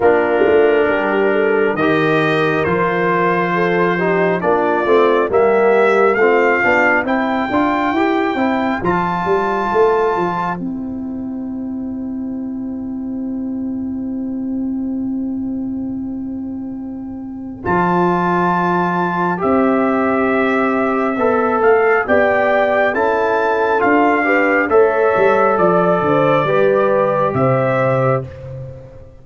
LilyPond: <<
  \new Staff \with { instrumentName = "trumpet" } { \time 4/4 \tempo 4 = 68 ais'2 dis''4 c''4~ | c''4 d''4 e''4 f''4 | g''2 a''2 | g''1~ |
g''1 | a''2 e''2~ | e''8 f''8 g''4 a''4 f''4 | e''4 d''2 e''4 | }
  \new Staff \with { instrumentName = "horn" } { \time 4/4 f'4 g'8 a'8 ais'2 | a'8 g'8 f'4 g'4 f'4 | c''1~ | c''1~ |
c''1~ | c''1~ | c''4 d''4 a'4. b'8 | cis''4 d''8 c''8 b'4 c''4 | }
  \new Staff \with { instrumentName = "trombone" } { \time 4/4 d'2 g'4 f'4~ | f'8 dis'8 d'8 c'8 ais4 c'8 d'8 | e'8 f'8 g'8 e'8 f'2 | e'1~ |
e'1 | f'2 g'2 | a'4 g'4 e'4 f'8 g'8 | a'2 g'2 | }
  \new Staff \with { instrumentName = "tuba" } { \time 4/4 ais8 a8 g4 dis4 f4~ | f4 ais8 a8 g4 a8 b8 | c'8 d'8 e'8 c'8 f8 g8 a8 f8 | c'1~ |
c'1 | f2 c'2 | b8 a8 b4 cis'4 d'4 | a8 g8 f8 d8 g4 c4 | }
>>